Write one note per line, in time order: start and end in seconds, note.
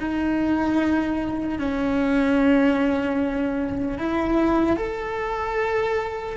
0.00 1.59 D#4
1.59 3.98 C#4
3.98 4.76 E4
4.76 6.36 A4